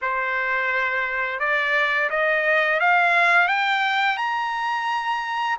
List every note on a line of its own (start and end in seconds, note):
0.01 1.40 C5
1.40 2.09 D5
2.10 2.79 D#5
2.80 3.48 F5
3.48 4.17 G5
4.17 5.56 A#5